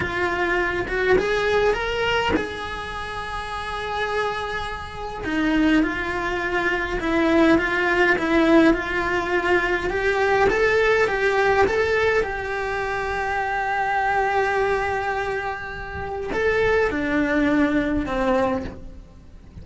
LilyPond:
\new Staff \with { instrumentName = "cello" } { \time 4/4 \tempo 4 = 103 f'4. fis'8 gis'4 ais'4 | gis'1~ | gis'4 dis'4 f'2 | e'4 f'4 e'4 f'4~ |
f'4 g'4 a'4 g'4 | a'4 g'2.~ | g'1 | a'4 d'2 c'4 | }